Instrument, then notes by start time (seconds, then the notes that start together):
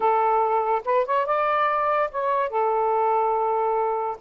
saxophone
0.00 A4
0.84 B4
1.05 C#5
1.26 D5
2.11 C#5
2.49 A4